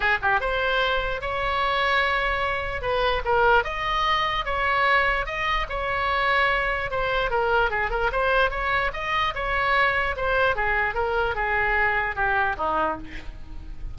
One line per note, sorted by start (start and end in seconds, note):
0.00 0.18 G#4
0.22 0.40 G4
0.40 1.21 C5
1.21 2.81 C#5
2.81 3.22 B4
3.24 3.64 A#4
3.64 4.45 D#5
4.45 5.26 C#5
5.26 5.66 D#5
5.69 6.90 C#5
6.90 7.30 C5
7.30 7.70 A#4
7.70 7.90 G#4
7.90 8.10 A#4
8.11 8.50 C5
8.50 8.91 C#5
8.93 9.33 D#5
9.34 10.15 C#5
10.16 10.55 C5
10.55 10.94 G#4
10.94 11.35 A#4
11.35 12.15 G#4
12.15 12.56 G4
12.57 12.97 D#4